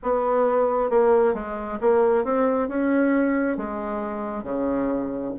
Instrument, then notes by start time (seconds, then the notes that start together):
bassoon
0.02 B3
0.90 A#3
1.34 G#3
1.81 A#3
2.24 C4
2.68 C#4
3.57 G#3
4.43 C#3